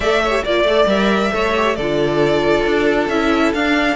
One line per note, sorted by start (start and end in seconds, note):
0.00 0.44 A3
0.00 0.30 A4
0.00 0.22 D5
0.00 0.44 E5
0.23 0.44 C#5
0.30 0.41 G4
0.44 0.63 A#3
0.44 0.66 F4
0.44 1.32 D5
0.44 0.89 D5
0.63 0.85 A3
0.63 0.87 A4
0.86 1.30 G3
0.86 1.31 A#4
0.86 1.75 E5
1.31 1.77 A3
1.31 1.53 A4
1.31 1.76 C#5
1.55 1.77 G4
1.75 2.65 D3
1.75 3.11 F4
1.75 3.95 A4
1.75 3.08 D5
2.65 3.09 D4
3.08 3.53 C#4
3.08 3.55 E4
3.08 3.52 E5
3.53 3.95 D4
3.53 3.95 F5